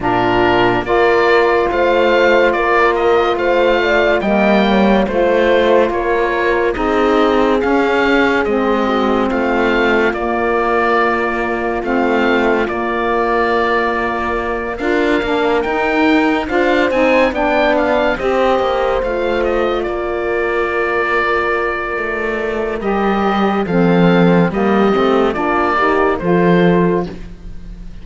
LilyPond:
<<
  \new Staff \with { instrumentName = "oboe" } { \time 4/4 \tempo 4 = 71 ais'4 d''4 f''4 d''8 dis''8 | f''4 g''4 c''4 cis''4 | dis''4 f''4 dis''4 f''4 | d''2 f''4 d''4~ |
d''4. f''4 g''4 f''8 | gis''8 g''8 f''8 dis''4 f''8 dis''8 d''8~ | d''2. dis''4 | f''4 dis''4 d''4 c''4 | }
  \new Staff \with { instrumentName = "horn" } { \time 4/4 f'4 ais'4 c''4 ais'4 | c''8 d''8 dis''8 cis''8 c''4 ais'4 | gis'2~ gis'8 fis'8 f'4~ | f'1~ |
f'4. ais'2 c''8~ | c''8 d''4 c''2 ais'8~ | ais'1 | a'4 g'4 f'8 g'8 a'4 | }
  \new Staff \with { instrumentName = "saxophone" } { \time 4/4 d'4 f'2.~ | f'4 ais4 f'2 | dis'4 cis'4 c'2 | ais2 c'4 ais4~ |
ais4. f'8 d'8 dis'4 f'8 | dis'8 d'4 g'4 f'4.~ | f'2. g'4 | c'4 ais8 c'8 d'8 dis'8 f'4 | }
  \new Staff \with { instrumentName = "cello" } { \time 4/4 ais,4 ais4 a4 ais4 | a4 g4 a4 ais4 | c'4 cis'4 gis4 a4 | ais2 a4 ais4~ |
ais4. d'8 ais8 dis'4 d'8 | c'8 b4 c'8 ais8 a4 ais8~ | ais2 a4 g4 | f4 g8 a8 ais4 f4 | }
>>